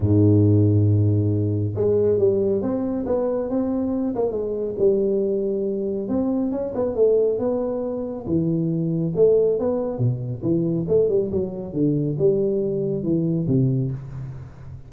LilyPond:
\new Staff \with { instrumentName = "tuba" } { \time 4/4 \tempo 4 = 138 gis,1 | gis4 g4 c'4 b4 | c'4. ais8 gis4 g4~ | g2 c'4 cis'8 b8 |
a4 b2 e4~ | e4 a4 b4 b,4 | e4 a8 g8 fis4 d4 | g2 e4 c4 | }